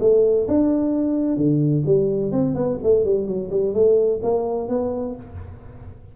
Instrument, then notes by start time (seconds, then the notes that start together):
tuba
0.00 A3
0.48 D4
1.37 D3
1.86 G3
2.32 C4
2.55 B3
2.83 A3
3.05 G3
3.27 F#3
3.50 G3
3.74 A3
4.23 A#3
4.69 B3